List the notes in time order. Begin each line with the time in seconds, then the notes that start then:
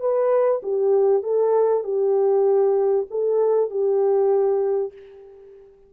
0.00 B4
0.63 G4
1.22 A4
1.84 G4
3.11 A4
3.70 G4